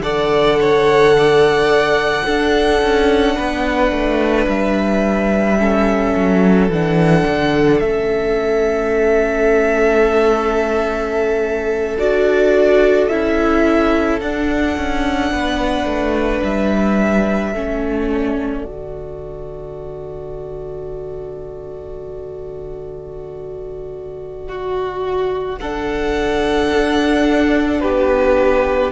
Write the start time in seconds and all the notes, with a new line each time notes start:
0.00 D3 A4 D5 F#5
0.60 C#5
1.17 D5
2.25 D4 A4
2.82 C#4
3.35 B3 B4
3.91 A3
4.47 G3 E5
5.58 C#4 A4
6.15 F#3
6.69 E3 D4 F#5
7.27 D3
7.79 A3 C#4 E5
11.98 D4 F#4 D5
13.08 C#4 E4 E5
14.21 D4 F#5
14.76 C#4
15.31 B3 B4
15.85 A3
16.43 G3 E5
17.52 A3 C#4 A4
18.08 D5
18.64 D3 F#4
24.48 F#4
25.58 D4 A4 F#5
26.70 D4
27.80 B3 G4 B4